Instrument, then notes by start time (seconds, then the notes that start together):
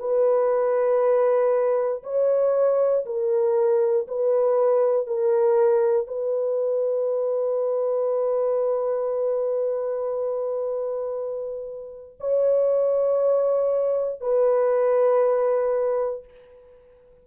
horn
0.00 B4
2.04 C#5
3.06 A#4
4.08 B4
5.08 A#4
6.08 B4
12.20 C#5
14.21 B4